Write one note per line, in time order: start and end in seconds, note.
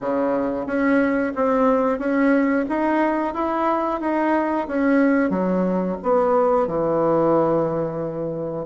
0.01 0.66 C#3
0.66 1.32 C#4
1.35 1.98 C4
1.98 2.65 C#4
2.68 3.34 D#4
3.34 4.00 E4
4.00 4.67 D#4
4.67 5.30 C#4
5.30 5.96 F#3
6.02 6.67 B3
6.67 8.65 E3